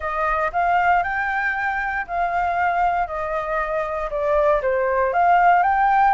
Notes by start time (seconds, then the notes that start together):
0.00 D#5
0.52 F5
1.03 G5
2.07 F5
3.07 D#5
4.10 D5
4.62 C5
5.13 F5
5.62 G5